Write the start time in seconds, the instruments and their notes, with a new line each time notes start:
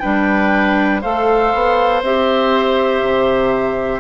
0.00 bassoon G3, clarinet D4, oboe B4, flute G5
1.01 bassoon A3, clarinet A4, oboe C5, flute F5
1.54 bassoon B3
2.02 bassoon C4, clarinet G4, flute E5
3.01 bassoon C3